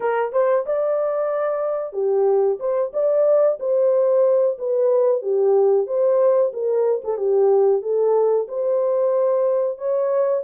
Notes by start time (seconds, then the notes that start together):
0.00 A#4
0.32 C5
0.66 D5
1.92 G4
2.59 C5
2.93 D5
3.59 C5
4.58 B4
5.22 G4
5.86 C5
6.53 A#4
7.03 A4
7.17 G4
7.81 A4
8.48 C5
9.78 C#5